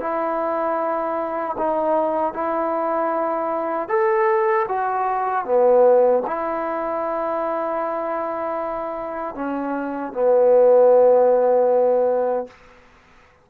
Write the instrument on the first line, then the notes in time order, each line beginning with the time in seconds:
trombone
0.00 E4
1.58 D#4
2.33 E4
3.88 A4
4.68 F#4
5.45 B3
6.26 E4
9.35 C#4
10.13 B3